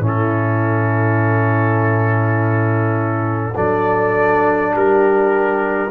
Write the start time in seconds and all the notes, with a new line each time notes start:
0.00 A2 C#4 E4
0.08 A4
3.55 F#3 D4 A4 D5
4.74 G3 G4 A#4